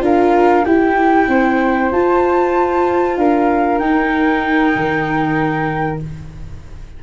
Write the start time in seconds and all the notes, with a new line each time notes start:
0.00 D4 F4 A#4 F5
0.65 E4 G4 G5
1.28 C4 C5
1.92 F4 A5
3.17 D4 A#4 F5
3.79 D#4 G5
4.75 D#3